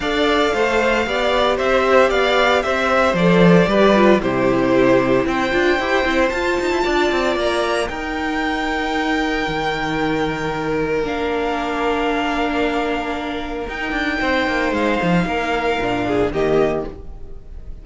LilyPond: <<
  \new Staff \with { instrumentName = "violin" } { \time 4/4 \tempo 4 = 114 f''2. e''4 | f''4 e''4 d''2 | c''2 g''2 | a''2 ais''4 g''4~ |
g''1~ | g''4 f''2.~ | f''2 g''2 | f''2. dis''4 | }
  \new Staff \with { instrumentName = "violin" } { \time 4/4 d''4 c''4 d''4 c''4 | d''4 c''2 b'4 | g'2 c''2~ | c''4 d''2 ais'4~ |
ais'1~ | ais'1~ | ais'2. c''4~ | c''4 ais'4. gis'8 g'4 | }
  \new Staff \with { instrumentName = "viola" } { \time 4/4 a'2 g'2~ | g'2 a'4 g'8 f'8 | e'2~ e'8 f'8 g'8 e'8 | f'2. dis'4~ |
dis'1~ | dis'4 d'2.~ | d'2 dis'2~ | dis'2 d'4 ais4 | }
  \new Staff \with { instrumentName = "cello" } { \time 4/4 d'4 a4 b4 c'4 | b4 c'4 f4 g4 | c2 c'8 d'8 e'8 c'8 | f'8 dis'16 e'16 d'8 c'8 ais4 dis'4~ |
dis'2 dis2~ | dis4 ais2.~ | ais2 dis'8 d'8 c'8 ais8 | gis8 f8 ais4 ais,4 dis4 | }
>>